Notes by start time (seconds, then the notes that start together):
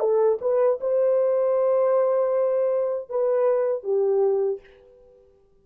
0.00 A4
0.41 B4
0.80 C5
3.09 B4
3.84 G4